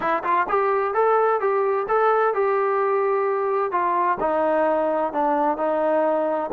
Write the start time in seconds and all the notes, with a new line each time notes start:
0.00 E4
0.23 F4
0.48 G4
0.93 A4
1.40 G4
1.88 A4
2.34 G4
3.71 F4
4.20 D#4
5.12 D4
5.57 D#4